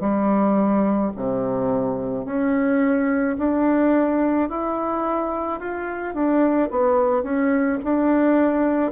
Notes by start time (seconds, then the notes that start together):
0.00 G3
1.16 C3
2.25 C#4
3.38 D4
4.49 E4
5.60 F4
6.14 D4
6.70 B3
7.23 C#4
7.84 D4